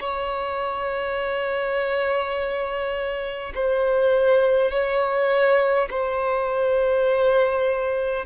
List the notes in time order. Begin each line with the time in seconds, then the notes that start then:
0.00 C#5
3.55 C5
4.71 C#5
5.90 C5